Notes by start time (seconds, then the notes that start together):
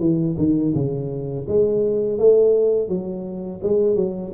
0.00 E3
0.38 D#3
0.75 C#3
1.49 G#3
2.19 A3
2.88 F#3
3.63 G#3
3.96 F#3